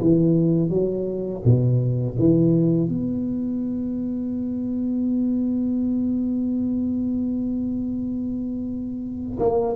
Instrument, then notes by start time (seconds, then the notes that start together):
tuba
0.00 E3
0.69 F#3
1.44 B2
2.18 E3
2.88 B3
9.39 A#3